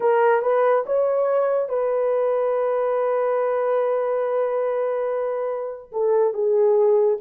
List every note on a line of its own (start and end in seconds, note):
0.00 0.42 A#4
0.42 0.84 B4
0.86 1.69 C#5
1.69 5.91 B4
5.92 6.33 A4
6.33 7.18 G#4